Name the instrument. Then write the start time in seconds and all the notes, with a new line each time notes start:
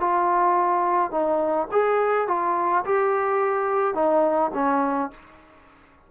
trombone
0.00 F4
1.11 D#4
1.72 G#4
2.28 F4
2.85 G4
3.94 D#4
4.54 C#4